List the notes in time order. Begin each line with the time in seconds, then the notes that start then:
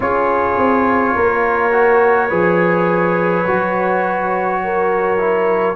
0.00 C#4 F4 G#4 C#5
0.57 C4
1.15 A#3 A#4
1.71 F#4
2.29 F3 G#4 B4
3.46 F#3 F#4
4.63 A#4
5.18 E4